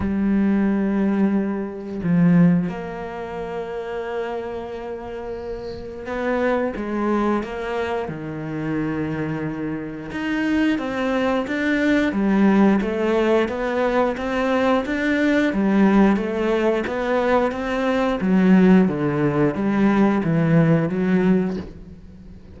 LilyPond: \new Staff \with { instrumentName = "cello" } { \time 4/4 \tempo 4 = 89 g2. f4 | ais1~ | ais4 b4 gis4 ais4 | dis2. dis'4 |
c'4 d'4 g4 a4 | b4 c'4 d'4 g4 | a4 b4 c'4 fis4 | d4 g4 e4 fis4 | }